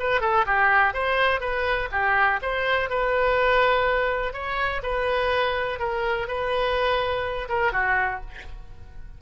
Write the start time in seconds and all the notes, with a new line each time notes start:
0.00 B4
0.22 A4
0.46 G4
0.94 C5
1.41 B4
1.92 G4
2.43 C5
2.90 B4
4.34 C#5
4.83 B4
5.80 A#4
6.28 B4
7.49 A#4
7.73 F#4